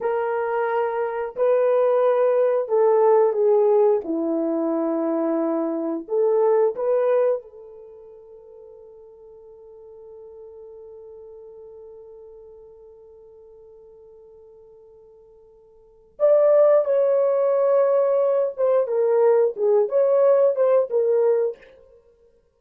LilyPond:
\new Staff \with { instrumentName = "horn" } { \time 4/4 \tempo 4 = 89 ais'2 b'2 | a'4 gis'4 e'2~ | e'4 a'4 b'4 a'4~ | a'1~ |
a'1~ | a'1 | d''4 cis''2~ cis''8 c''8 | ais'4 gis'8 cis''4 c''8 ais'4 | }